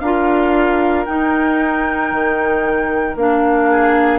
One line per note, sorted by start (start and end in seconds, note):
0.00 1.06 D4
0.00 1.06 F4
0.00 3.71 A#4
0.00 1.05 F5
1.06 3.16 D#4
1.06 2.11 D#4
1.06 3.16 G5
2.11 3.15 D#3
3.15 4.19 A#3
3.15 4.19 D4
3.15 4.19 F5
3.71 4.19 G#4